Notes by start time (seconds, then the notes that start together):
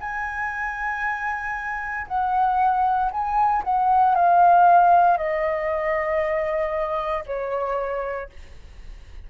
0.00 G#5
2.07 F#5
3.11 G#5
3.64 F#5
4.15 F5
5.17 D#5
7.26 C#5